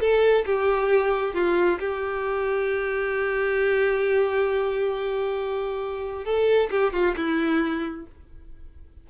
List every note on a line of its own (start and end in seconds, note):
0.00 0.45 A4
0.45 1.34 G4
1.34 1.79 F4
1.79 6.25 G4
6.25 6.70 A4
6.70 6.93 G4
6.93 7.15 F4
7.16 8.06 E4